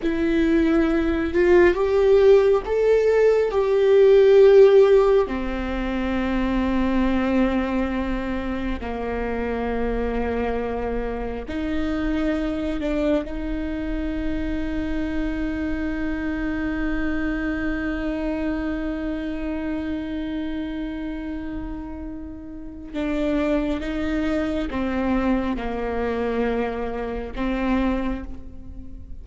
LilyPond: \new Staff \with { instrumentName = "viola" } { \time 4/4 \tempo 4 = 68 e'4. f'8 g'4 a'4 | g'2 c'2~ | c'2 ais2~ | ais4 dis'4. d'8 dis'4~ |
dis'1~ | dis'1~ | dis'2 d'4 dis'4 | c'4 ais2 c'4 | }